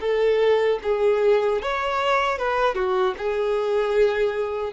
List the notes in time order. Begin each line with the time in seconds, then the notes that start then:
0.00 A4
0.83 G#4
1.62 C#5
2.38 B4
2.75 F#4
3.17 G#4